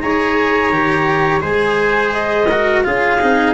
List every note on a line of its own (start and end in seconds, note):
0.00 0.70 D#4
0.00 0.72 G#4
0.00 1.41 C#5
0.00 1.41 A#5
0.70 1.40 D#3
0.70 1.40 G4
1.40 2.82 G#3
1.40 2.46 G#4
1.40 2.47 C5
1.40 2.12 G#5
2.12 2.83 D#5
2.49 2.84 F#4
2.49 2.84 A#4
2.83 3.21 C#4
2.83 3.19 F4
2.83 3.54 G#4
2.83 3.54 F5
3.20 3.54 C4
3.20 3.54 D#4